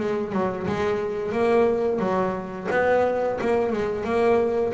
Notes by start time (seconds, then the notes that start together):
0.00 G#3
0.33 F#3
0.67 G#3
1.33 A#3
2.00 F#3
2.71 B3
3.42 A#3
3.73 G#3
4.05 A#3